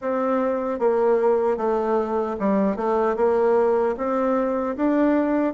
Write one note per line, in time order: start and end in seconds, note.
0.01 0.79 C4
0.79 1.57 A#3
1.57 2.36 A3
2.39 2.76 G3
2.76 3.16 A3
3.16 3.95 A#3
3.97 4.76 C4
4.76 5.53 D4